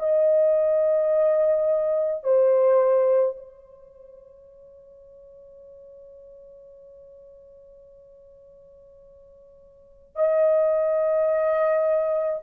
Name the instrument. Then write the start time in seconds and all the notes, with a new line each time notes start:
horn
0.00 D#5
2.24 C5
3.37 C#5
10.16 D#5